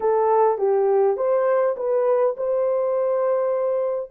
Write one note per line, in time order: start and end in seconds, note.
0.00 0.57 A4
0.57 1.16 G4
1.16 1.75 C5
1.76 2.35 B4
2.36 4.10 C5